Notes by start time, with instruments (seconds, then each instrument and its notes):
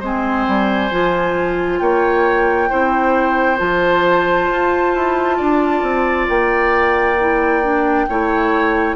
0.00 bassoon G#3, clarinet C4, oboe C5, flute G#5
0.48 bassoon G3
0.91 bassoon F3, clarinet F4
1.79 bassoon A#3, oboe C#5, flute G5
2.69 bassoon C4, clarinet E4, oboe C5
3.58 bassoon F3, clarinet F4, flute A5
4.50 bassoon F4
4.95 bassoon E4
5.37 bassoon D4, oboe D5
5.82 bassoon C4
6.29 bassoon A#3, flute G5
7.19 clarinet E4
7.63 clarinet D4
8.09 bassoon A3, clarinet E4, oboe C#5